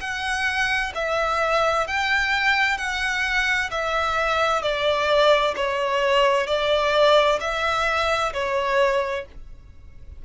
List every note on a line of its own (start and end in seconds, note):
0.00 0.92 F#5
0.94 1.87 E5
1.87 2.77 G5
2.77 3.70 F#5
3.70 4.62 E5
4.62 5.54 D5
5.56 6.47 C#5
6.47 7.39 D5
7.40 8.32 E5
8.33 9.25 C#5